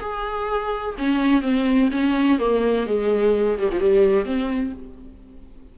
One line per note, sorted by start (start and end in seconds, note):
0.00 0.95 G#4
0.98 1.42 C#4
1.42 1.89 C4
1.91 2.39 C#4
2.39 2.86 A#3
2.86 3.58 G#3
3.58 3.70 G3
3.72 3.80 F3
3.80 4.25 G3
4.25 4.73 C4